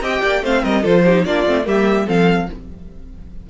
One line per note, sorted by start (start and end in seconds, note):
0.00 0.21 C4
0.00 0.43 G4
0.00 0.22 D#5
0.00 0.45 G5
0.22 0.42 A#3
0.22 0.42 D5
0.42 0.63 A3
0.42 0.83 C4
0.42 0.63 C5
0.42 0.64 F5
0.63 0.84 G3
0.63 0.82 A#4
0.63 0.85 D#5
0.82 1.24 F3
0.82 1.04 F4
0.82 1.02 A4
0.82 1.25 C5
1.04 1.26 D#4
1.04 1.25 G4
1.24 1.45 A#3
1.24 1.46 D4
1.24 1.65 F4
1.24 1.66 D5
1.46 1.66 A3
1.46 1.64 C4
1.64 2.07 G3
1.64 2.05 A#3
1.64 2.06 G4
1.64 2.08 E5
2.06 2.49 F3
2.06 2.48 C4
2.06 2.47 A4
2.06 2.49 F5